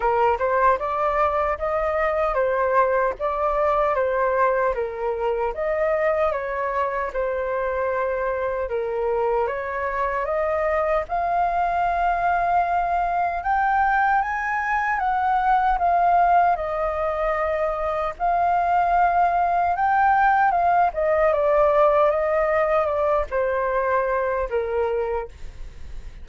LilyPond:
\new Staff \with { instrumentName = "flute" } { \time 4/4 \tempo 4 = 76 ais'8 c''8 d''4 dis''4 c''4 | d''4 c''4 ais'4 dis''4 | cis''4 c''2 ais'4 | cis''4 dis''4 f''2~ |
f''4 g''4 gis''4 fis''4 | f''4 dis''2 f''4~ | f''4 g''4 f''8 dis''8 d''4 | dis''4 d''8 c''4. ais'4 | }